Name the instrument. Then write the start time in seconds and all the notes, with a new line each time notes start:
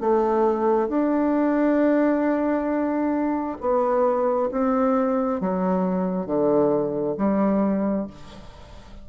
bassoon
0.00 A3
0.88 D4
3.60 B3
4.51 C4
5.40 F#3
6.26 D3
7.17 G3